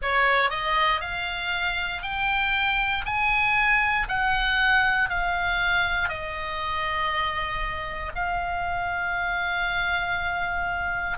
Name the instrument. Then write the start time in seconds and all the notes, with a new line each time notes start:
oboe
0.01 C#5
0.49 D#5
1.00 F5
2.02 G5
3.05 G#5
4.08 F#5
5.09 F5
6.08 D#5
8.15 F5